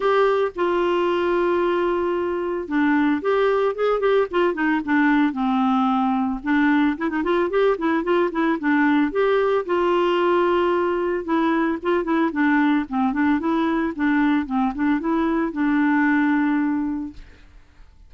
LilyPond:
\new Staff \with { instrumentName = "clarinet" } { \time 4/4 \tempo 4 = 112 g'4 f'2.~ | f'4 d'4 g'4 gis'8 g'8 | f'8 dis'8 d'4 c'2 | d'4 e'16 dis'16 f'8 g'8 e'8 f'8 e'8 |
d'4 g'4 f'2~ | f'4 e'4 f'8 e'8 d'4 | c'8 d'8 e'4 d'4 c'8 d'8 | e'4 d'2. | }